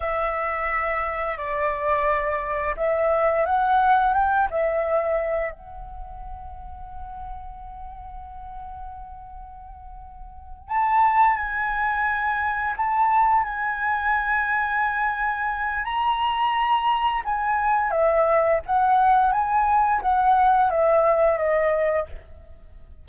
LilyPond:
\new Staff \with { instrumentName = "flute" } { \time 4/4 \tempo 4 = 87 e''2 d''2 | e''4 fis''4 g''8 e''4. | fis''1~ | fis''2.~ fis''8 a''8~ |
a''8 gis''2 a''4 gis''8~ | gis''2. ais''4~ | ais''4 gis''4 e''4 fis''4 | gis''4 fis''4 e''4 dis''4 | }